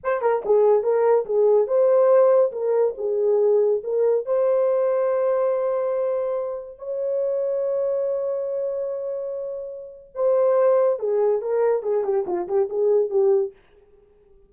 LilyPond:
\new Staff \with { instrumentName = "horn" } { \time 4/4 \tempo 4 = 142 c''8 ais'8 gis'4 ais'4 gis'4 | c''2 ais'4 gis'4~ | gis'4 ais'4 c''2~ | c''1 |
cis''1~ | cis''1 | c''2 gis'4 ais'4 | gis'8 g'8 f'8 g'8 gis'4 g'4 | }